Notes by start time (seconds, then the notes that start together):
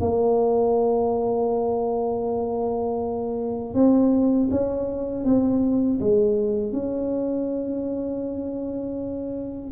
0.00 A#3
3.74 C4
4.50 C#4
5.24 C4
6.00 G#3
6.72 C#4